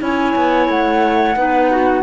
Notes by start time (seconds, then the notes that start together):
0.00 C#4 E4 C#5 G#5
0.36 B3
0.69 A3 F#5
1.36 B3 D#4 B4
1.72 F#4